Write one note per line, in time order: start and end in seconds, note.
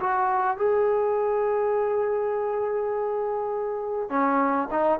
0.00 0.57 F#4
0.57 4.09 G#4
4.09 4.68 C#4
4.71 4.99 D#4